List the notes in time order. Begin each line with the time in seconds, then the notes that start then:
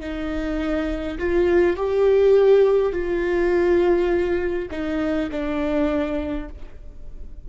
0.00 D#4
1.18 F4
1.76 G4
2.93 F4
4.71 D#4
5.31 D4